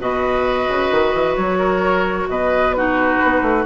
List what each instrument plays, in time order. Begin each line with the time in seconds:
0.00 bassoon B2, clarinet F#4, oboe B4, flute D#5
0.68 bassoon C#3
0.91 bassoon D#3
1.14 bassoon E3
1.36 bassoon F#3, flute C#5
1.58 oboe A#4
2.28 bassoon B2, oboe B4, flute D#5
2.73 clarinet D#4, oboe F#4, flute B4
3.25 bassoon B3
3.42 bassoon A3